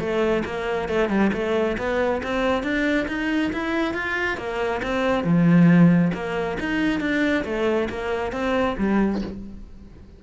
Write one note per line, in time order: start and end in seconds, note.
0.00 0.44 A3
0.45 0.89 A#3
0.89 1.09 A3
1.09 1.31 G3
1.33 1.77 A3
1.78 2.22 B3
2.23 2.63 C4
2.63 3.07 D4
3.08 3.52 D#4
3.53 3.94 E4
3.94 4.38 F4
4.38 4.82 A#3
4.83 5.24 C4
5.24 6.12 F3
6.14 6.58 A#3
6.60 7.01 D#4
7.01 7.44 D4
7.45 7.89 A3
7.90 8.33 A#3
8.33 8.76 C4
8.78 9.22 G3